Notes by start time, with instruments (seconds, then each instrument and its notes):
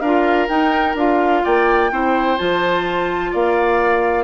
0.00 bassoon D4, clarinet F4, oboe A#4, flute F5
0.48 clarinet D#4, bassoon D#4, flute G5
0.95 bassoon D4, clarinet F4, flute F5
1.44 bassoon A#3, oboe D5, flute G5
1.91 bassoon C4, clarinet E4, oboe C5
2.38 bassoon F3, clarinet F4, flute A5
3.31 bassoon A#3, oboe D5, flute F5